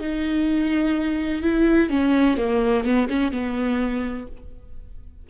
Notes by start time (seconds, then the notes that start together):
0.00 D#4
1.42 E4
1.90 C#4
2.37 A#3
2.84 B3
3.10 C#4
3.32 B3